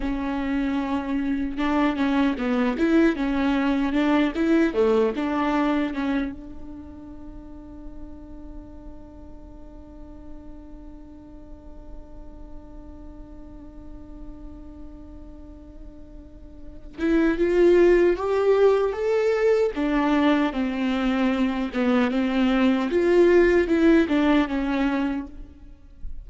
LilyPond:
\new Staff \with { instrumentName = "viola" } { \time 4/4 \tempo 4 = 76 cis'2 d'8 cis'8 b8 e'8 | cis'4 d'8 e'8 a8 d'4 cis'8 | d'1~ | d'1~ |
d'1~ | d'4. e'8 f'4 g'4 | a'4 d'4 c'4. b8 | c'4 f'4 e'8 d'8 cis'4 | }